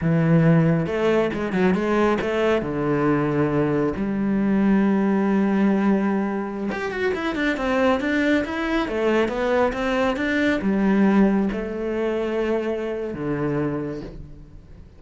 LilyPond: \new Staff \with { instrumentName = "cello" } { \time 4/4 \tempo 4 = 137 e2 a4 gis8 fis8 | gis4 a4 d2~ | d4 g2.~ | g2.~ g16 g'8 fis'16~ |
fis'16 e'8 d'8 c'4 d'4 e'8.~ | e'16 a4 b4 c'4 d'8.~ | d'16 g2 a4.~ a16~ | a2 d2 | }